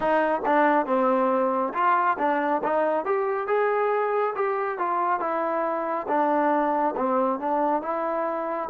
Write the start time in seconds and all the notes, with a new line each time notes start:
0.00 D#4
0.45 D4
0.86 C4
1.73 F4
2.18 D4
2.63 D#4
3.05 G4
3.47 G#4
4.35 G4
4.78 F4
5.20 E4
6.08 D4
6.96 C4
7.39 D4
7.82 E4